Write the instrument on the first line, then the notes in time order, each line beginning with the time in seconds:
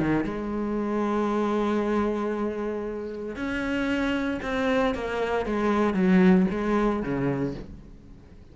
cello
0.00 D#3
0.24 G#3
3.36 C#4
4.43 C4
4.95 A#3
5.46 G#3
5.94 F#3
6.51 G#3
7.03 C#3